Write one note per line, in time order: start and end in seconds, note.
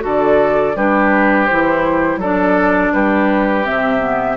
0.00 0.75 D3
0.00 0.72 F#4
0.00 0.76 A4
0.06 0.77 D5
0.75 1.48 G3
0.75 1.49 D4
0.75 2.19 G4
0.75 1.46 B4
1.46 2.16 E3
1.46 2.22 E4
1.46 2.18 C5
2.16 2.89 F#3
2.16 3.64 D4
2.16 2.92 A4
2.16 2.93 D5
2.93 3.66 G3
2.93 4.36 G4
2.93 3.65 B4
3.64 4.36 C3
3.64 3.99 C4
3.64 4.36 E5
3.99 4.35 B3